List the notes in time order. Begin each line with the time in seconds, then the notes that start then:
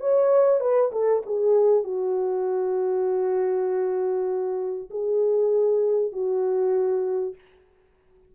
0.00 C#5
0.60 B4
0.92 A4
1.26 G#4
1.84 F#4
4.90 G#4
6.13 F#4